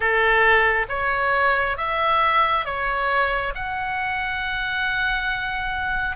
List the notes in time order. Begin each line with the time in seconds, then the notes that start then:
0.00 A4
0.88 C#5
1.76 E5
2.65 C#5
3.54 F#5